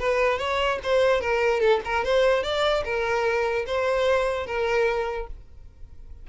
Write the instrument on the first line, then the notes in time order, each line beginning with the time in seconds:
violin
0.00 B4
0.39 C#5
0.83 C5
1.21 A#4
1.61 A4
1.85 A#4
2.05 C5
2.43 D5
2.85 A#4
3.67 C5
4.47 A#4